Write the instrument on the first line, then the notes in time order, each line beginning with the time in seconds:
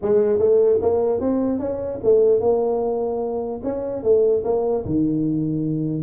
tuba
0.01 G#3
0.38 A3
0.81 A#3
1.20 C4
1.59 C#4
2.03 A3
2.40 A#3
3.63 C#4
4.03 A3
4.44 A#3
4.85 D#3